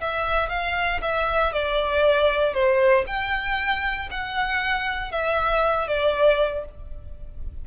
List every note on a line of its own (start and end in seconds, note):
0.00 0.49 E5
0.49 1.00 F5
1.01 1.52 E5
1.52 2.53 D5
2.53 3.04 C5
3.06 4.09 G5
4.10 5.11 F#5
5.11 5.87 E5
5.87 6.64 D5